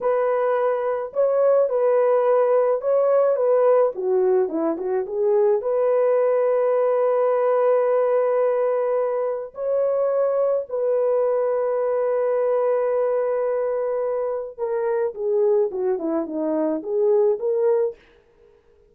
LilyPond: \new Staff \with { instrumentName = "horn" } { \time 4/4 \tempo 4 = 107 b'2 cis''4 b'4~ | b'4 cis''4 b'4 fis'4 | e'8 fis'8 gis'4 b'2~ | b'1~ |
b'4 cis''2 b'4~ | b'1~ | b'2 ais'4 gis'4 | fis'8 e'8 dis'4 gis'4 ais'4 | }